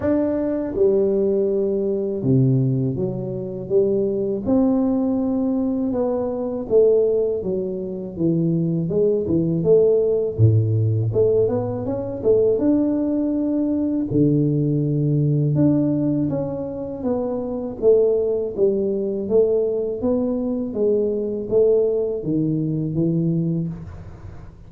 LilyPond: \new Staff \with { instrumentName = "tuba" } { \time 4/4 \tempo 4 = 81 d'4 g2 c4 | fis4 g4 c'2 | b4 a4 fis4 e4 | gis8 e8 a4 a,4 a8 b8 |
cis'8 a8 d'2 d4~ | d4 d'4 cis'4 b4 | a4 g4 a4 b4 | gis4 a4 dis4 e4 | }